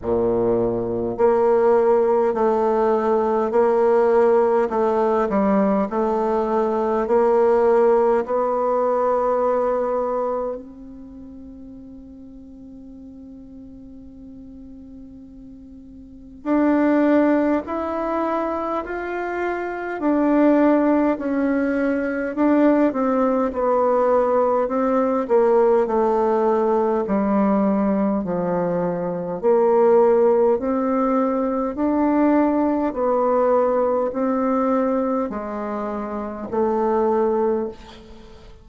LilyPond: \new Staff \with { instrumentName = "bassoon" } { \time 4/4 \tempo 4 = 51 ais,4 ais4 a4 ais4 | a8 g8 a4 ais4 b4~ | b4 c'2.~ | c'2 d'4 e'4 |
f'4 d'4 cis'4 d'8 c'8 | b4 c'8 ais8 a4 g4 | f4 ais4 c'4 d'4 | b4 c'4 gis4 a4 | }